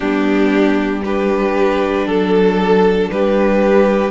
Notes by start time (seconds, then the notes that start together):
0.00 G3 B3 D4 G4
1.03 D4 G4 B4
2.06 F#3 A4
3.10 G3 G4 B4